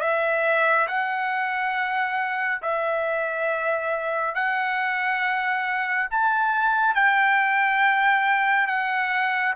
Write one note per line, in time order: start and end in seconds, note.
0.00 0.87 E5
0.87 2.61 F#5
2.62 4.34 E5
4.34 6.08 F#5
6.10 6.94 A5
6.94 8.67 G5
8.67 9.54 F#5